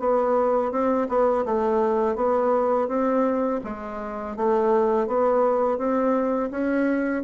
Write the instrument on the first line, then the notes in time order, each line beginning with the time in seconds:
bassoon
0.00 B3
0.72 C4
1.09 B3
1.46 A3
2.16 B3
2.88 C4
3.64 G#3
4.37 A3
5.08 B3
5.78 C4
6.51 C#4